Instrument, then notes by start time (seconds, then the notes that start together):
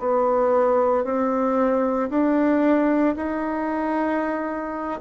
bassoon
0.00 B3
1.05 C4
2.10 D4
3.17 D#4